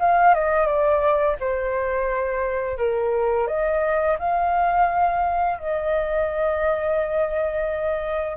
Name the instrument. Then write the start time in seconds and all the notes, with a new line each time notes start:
flute
0.00 F5
0.35 D#5
0.67 D5
1.40 C5
2.78 A#4
3.48 D#5
4.19 F5
5.59 D#5